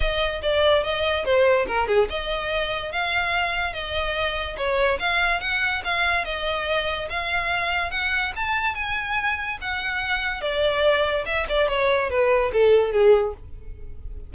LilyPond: \new Staff \with { instrumentName = "violin" } { \time 4/4 \tempo 4 = 144 dis''4 d''4 dis''4 c''4 | ais'8 gis'8 dis''2 f''4~ | f''4 dis''2 cis''4 | f''4 fis''4 f''4 dis''4~ |
dis''4 f''2 fis''4 | a''4 gis''2 fis''4~ | fis''4 d''2 e''8 d''8 | cis''4 b'4 a'4 gis'4 | }